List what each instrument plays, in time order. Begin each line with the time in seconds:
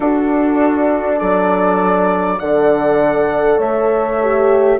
0.00 bassoon D4, horn D4 F#4, flute A4
1.17 bassoon F#3, horn A4, flute D5
2.39 bassoon D3, horn A4 D5, flute F#5
3.57 bassoon A3, horn C#5, flute E5
4.21 horn G4